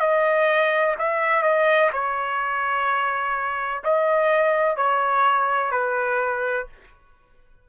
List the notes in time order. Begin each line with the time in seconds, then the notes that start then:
0.00 D#5
0.99 E5
1.43 D#5
1.93 C#5
3.84 D#5
4.77 C#5
5.71 B4